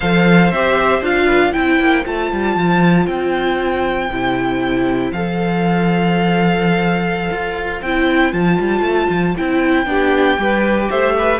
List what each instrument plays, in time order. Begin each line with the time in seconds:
0.00 cello F3, viola A4, violin C5 F5
0.51 cello C4, viola G4, violin E5
1.01 cello D4, viola F4, violin F5
1.26 violin B4
1.51 cello C4, viola E4, violin C5 G5
1.79 cello A#3
2.04 cello A3, viola F4, violin A5
2.32 cello G3
2.55 cello F3
3.06 cello C4, violin G5
4.10 cello C3, viola E4
5.12 cello F3, viola A4, violin F5
7.31 cello F4
7.81 cello C4, viola E4, violin G5
8.32 cello F3, viola F4, violin A5
8.59 cello G3
8.81 cello A3
9.09 cello F3
9.37 cello C4, viola E4, violin G5
9.86 cello B3, viola D4, violin G4
10.37 cello G3, viola G4, violin B4
10.89 cello A3, violin C5 E5
11.18 violin B4